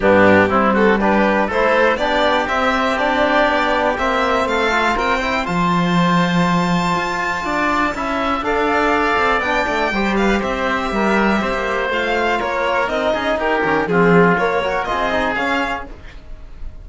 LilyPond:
<<
  \new Staff \with { instrumentName = "violin" } { \time 4/4 \tempo 4 = 121 g'4. a'8 b'4 c''4 | d''4 e''4 d''2 | e''4 f''4 g''4 a''4~ | a''1~ |
a''4 f''2 g''4~ | g''8 f''8 e''2. | f''4 cis''4 dis''4 ais'4 | gis'4 cis''4 dis''4 f''4 | }
  \new Staff \with { instrumentName = "oboe" } { \time 4/4 d'4 e'8 fis'8 g'4 a'4 | g'1~ | g'4 a'4 ais'8 c''4.~ | c''2. d''4 |
e''4 d''2. | c''8 b'8 c''4 ais'4 c''4~ | c''4 ais'4. gis'8 g'4 | f'4. ais'8 gis'2 | }
  \new Staff \with { instrumentName = "trombone" } { \time 4/4 b4 c'4 d'4 e'4 | d'4 c'4 d'2 | c'4. f'4 e'8 f'4~ | f'1 |
e'4 a'2 d'4 | g'1 | f'2 dis'4. cis'8 | c'4 ais8 fis'8 f'8 dis'8 cis'4 | }
  \new Staff \with { instrumentName = "cello" } { \time 4/4 g,4 g2 a4 | b4 c'2 b4 | ais4 a4 c'4 f4~ | f2 f'4 d'4 |
cis'4 d'4. c'8 b8 a8 | g4 c'4 g4 c'16 ais8. | a4 ais4 c'8 cis'8 dis'8 dis8 | f4 ais4 c'4 cis'4 | }
>>